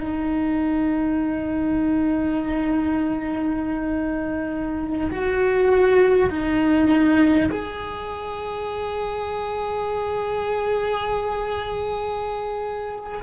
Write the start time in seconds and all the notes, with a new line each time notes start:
0.00 D#4
5.11 F#4
6.29 D#4
7.51 G#4